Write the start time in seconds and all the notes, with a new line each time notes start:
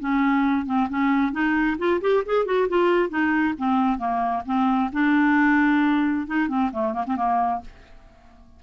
0.00 C#4
0.66 C4
0.90 C#4
1.32 D#4
1.78 F4
2.01 G4
2.26 G#4
2.46 F#4
2.69 F4
3.10 D#4
3.58 C4
3.98 A#3
4.46 C4
4.93 D4
6.27 D#4
6.48 C4
6.72 A3
6.94 A#3
7.07 C4
7.17 A#3